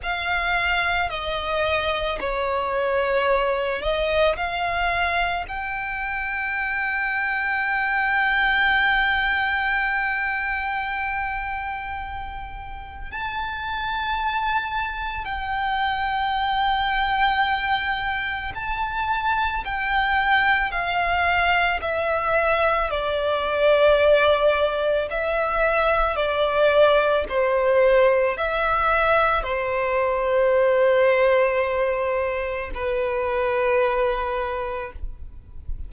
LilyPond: \new Staff \with { instrumentName = "violin" } { \time 4/4 \tempo 4 = 55 f''4 dis''4 cis''4. dis''8 | f''4 g''2.~ | g''1 | a''2 g''2~ |
g''4 a''4 g''4 f''4 | e''4 d''2 e''4 | d''4 c''4 e''4 c''4~ | c''2 b'2 | }